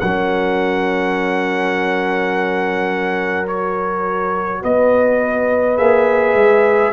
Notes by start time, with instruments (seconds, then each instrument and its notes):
0.00 tuba F#3, trombone C#4, horn A#4, trumpet F#5
3.46 trombone F#4, trumpet C#5
4.62 tuba B3, horn B4, trumpet D#5
5.77 tuba A#3, trombone G#4, trumpet E5
6.34 tuba G#3